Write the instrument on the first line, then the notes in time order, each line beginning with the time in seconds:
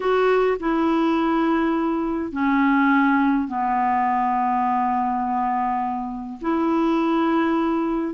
clarinet
0.00 F#4
0.59 E4
2.31 C#4
3.48 B3
6.41 E4